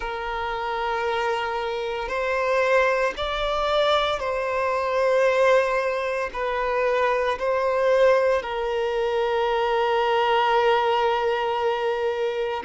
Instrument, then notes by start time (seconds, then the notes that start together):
violin
0.00 A#4
2.08 C5
3.16 D5
4.19 C5
6.33 B4
7.38 C5
8.42 A#4